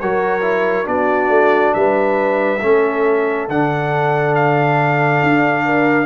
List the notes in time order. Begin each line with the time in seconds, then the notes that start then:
0.00 F#3 F#4 A#4 C#5
0.42 E4
0.85 B3 D4 F#4 D5
1.29 A3
1.74 G3 B4 E5
2.60 A3 C#4 A4
3.49 D3 D4 F#5
4.35 F5
5.23 D4
5.66 A#4